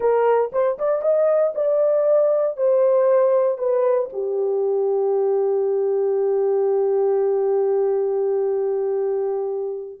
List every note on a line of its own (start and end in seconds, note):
0.00 0.51 A#4
0.52 0.78 C5
0.78 1.02 D5
1.02 1.53 D#5
1.55 2.56 D5
2.56 3.58 C5
3.58 4.09 B4
4.12 10.00 G4